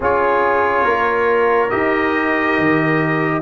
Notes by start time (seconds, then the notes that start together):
0.00 C#4 F4 G#4 C#5
0.84 A#3 A#4
1.69 D#4 G4 D#5
2.58 D#3